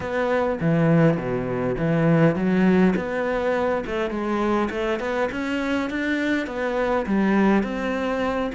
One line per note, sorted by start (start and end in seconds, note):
0.00 0.59 B3
0.60 1.17 E3
1.17 1.75 B2
1.77 2.35 E3
2.35 2.94 F#3
2.96 3.84 B3
3.86 4.10 A3
4.10 4.69 G#3
4.70 4.99 A3
4.99 5.29 B3
5.31 5.90 C#4
5.90 6.46 D4
6.46 7.05 B3
7.06 7.63 G3
7.63 8.51 C4